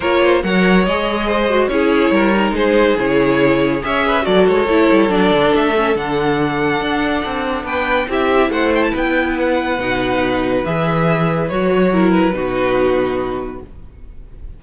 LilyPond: <<
  \new Staff \with { instrumentName = "violin" } { \time 4/4 \tempo 4 = 141 cis''4 fis''4 dis''2 | cis''2 c''4 cis''4~ | cis''4 e''4 d''8 cis''4. | d''4 e''4 fis''2~ |
fis''2 g''4 e''4 | fis''8 g''16 a''16 g''4 fis''2~ | fis''4 e''2 cis''4~ | cis''8 b'2.~ b'8 | }
  \new Staff \with { instrumentName = "violin" } { \time 4/4 ais'8 c''8 cis''2 c''4 | gis'4 ais'4 gis'2~ | gis'4 cis''8 b'8 a'2~ | a'1~ |
a'2 b'4 g'4 | c''4 b'2.~ | b'1 | ais'4 fis'2. | }
  \new Staff \with { instrumentName = "viola" } { \time 4/4 f'4 ais'4 gis'4. fis'8 | e'4. dis'4. e'4~ | e'4 gis'4 fis'4 e'4 | d'4. cis'8 d'2~ |
d'2. e'4~ | e'2. dis'4~ | dis'4 gis'2 fis'4 | e'4 dis'2. | }
  \new Staff \with { instrumentName = "cello" } { \time 4/4 ais4 fis4 gis2 | cis'4 g4 gis4 cis4~ | cis4 cis'4 fis8 gis8 a8 g8 | fis8 d8 a4 d2 |
d'4 c'4 b4 c'4 | a4 b2 b,4~ | b,4 e2 fis4~ | fis4 b,2. | }
>>